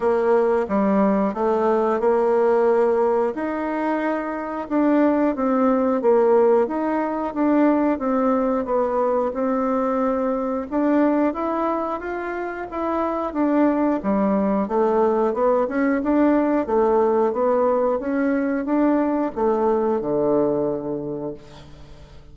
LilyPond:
\new Staff \with { instrumentName = "bassoon" } { \time 4/4 \tempo 4 = 90 ais4 g4 a4 ais4~ | ais4 dis'2 d'4 | c'4 ais4 dis'4 d'4 | c'4 b4 c'2 |
d'4 e'4 f'4 e'4 | d'4 g4 a4 b8 cis'8 | d'4 a4 b4 cis'4 | d'4 a4 d2 | }